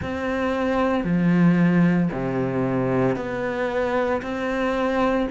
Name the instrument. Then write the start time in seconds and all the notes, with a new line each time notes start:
cello
0.02 C4
1.03 F3
2.12 C3
3.16 B3
4.22 C4